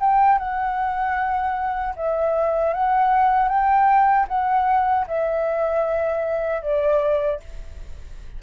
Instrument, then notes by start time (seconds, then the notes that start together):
flute
0.00 G5
0.39 F#5
1.96 E5
2.74 F#5
3.48 G5
4.28 F#5
5.07 E5
6.62 D5